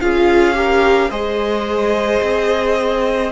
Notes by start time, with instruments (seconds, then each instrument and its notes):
0.00 cello C#4, viola F4, violin G#4 F5
0.54 viola G4, violin A#4
1.09 cello G#3, viola G#4, violin C5 D#5
2.22 cello C4